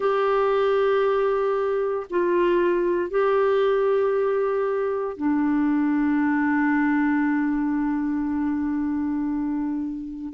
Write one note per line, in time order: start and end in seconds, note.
0.00 2.06 G4
2.09 3.10 F4
3.10 5.17 G4
5.17 10.33 D4